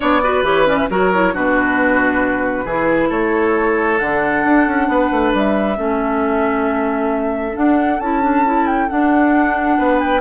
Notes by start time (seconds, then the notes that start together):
0.00 B3 D4 C#5 D5
0.23 F#4 B4
0.42 E3 G4 C#5
0.66 C#4 D5
0.77 E5
0.89 F#3 F#4 A#4 C#5
1.13 E4
1.33 B2 D4 F#4 B4
2.64 E3 E4 G#4
3.09 A3 A4 C#5
3.98 D3 D4 F#5
4.45 D4
4.67 C#4
4.87 B3 B4
5.11 A3
5.33 G3 E5
5.76 A3 C#4 A4
7.54 D4 F#5
7.99 C#4 E4 A5
8.22 D4
8.45 E4
8.66 G5
8.88 D4 F#5
9.78 B3 B4
9.99 G5